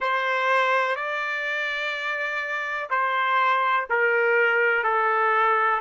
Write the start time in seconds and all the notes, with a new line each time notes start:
0.00 C5
0.95 D5
2.89 C5
3.89 A#4
4.83 A4